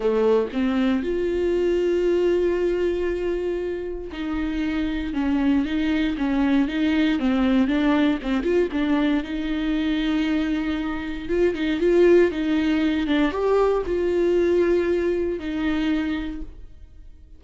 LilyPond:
\new Staff \with { instrumentName = "viola" } { \time 4/4 \tempo 4 = 117 a4 c'4 f'2~ | f'1 | dis'2 cis'4 dis'4 | cis'4 dis'4 c'4 d'4 |
c'8 f'8 d'4 dis'2~ | dis'2 f'8 dis'8 f'4 | dis'4. d'8 g'4 f'4~ | f'2 dis'2 | }